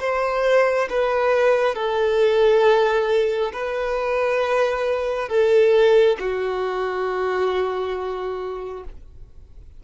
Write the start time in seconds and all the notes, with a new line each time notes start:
0.00 C5
0.90 B4
1.75 A4
3.53 B4
5.29 A4
6.20 F#4